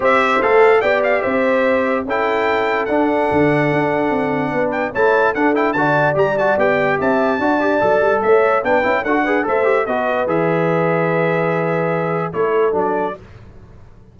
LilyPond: <<
  \new Staff \with { instrumentName = "trumpet" } { \time 4/4 \tempo 4 = 146 e''4 f''4 g''8 f''8 e''4~ | e''4 g''2 fis''4~ | fis''2.~ fis''8 g''8 | a''4 fis''8 g''8 a''4 ais''8 a''8 |
g''4 a''2. | e''4 g''4 fis''4 e''4 | dis''4 e''2.~ | e''2 cis''4 d''4 | }
  \new Staff \with { instrumentName = "horn" } { \time 4/4 c''2 d''4 c''4~ | c''4 a'2.~ | a'2. b'4 | cis''4 a'4 d''2~ |
d''4 e''4 d''2 | cis''4 b'4 a'8 b'8 c''4 | b'1~ | b'2 a'2 | }
  \new Staff \with { instrumentName = "trombone" } { \time 4/4 g'4 a'4 g'2~ | g'4 e'2 d'4~ | d'1 | e'4 d'8 e'8 fis'4 g'8 fis'8 |
g'2 fis'8 g'8 a'4~ | a'4 d'8 e'8 fis'8 gis'8 a'8 g'8 | fis'4 gis'2.~ | gis'2 e'4 d'4 | }
  \new Staff \with { instrumentName = "tuba" } { \time 4/4 c'4 a4 b4 c'4~ | c'4 cis'2 d'4 | d4 d'4 c'4 b4 | a4 d'4 d4 g4 |
b4 c'4 d'4 fis8 g8 | a4 b8 cis'8 d'4 a4 | b4 e2.~ | e2 a4 fis4 | }
>>